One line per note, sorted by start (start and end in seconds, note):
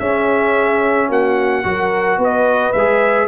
0.00 1.09 C#4
0.00 1.64 C#4
0.00 1.09 G#4
0.00 1.10 E5
1.09 1.64 A#3
1.09 1.64 F#4
1.09 2.22 F#5
1.64 2.18 F#3
1.64 2.74 F#4
1.64 2.19 A#4
2.18 2.73 B3
2.18 3.29 B4
2.24 2.73 D#5
2.73 3.29 G#3
2.73 3.29 G#4
2.73 3.28 E5